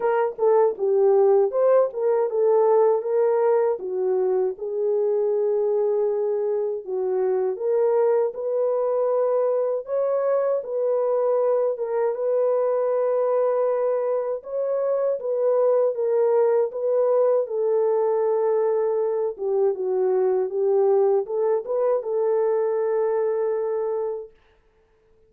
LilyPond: \new Staff \with { instrumentName = "horn" } { \time 4/4 \tempo 4 = 79 ais'8 a'8 g'4 c''8 ais'8 a'4 | ais'4 fis'4 gis'2~ | gis'4 fis'4 ais'4 b'4~ | b'4 cis''4 b'4. ais'8 |
b'2. cis''4 | b'4 ais'4 b'4 a'4~ | a'4. g'8 fis'4 g'4 | a'8 b'8 a'2. | }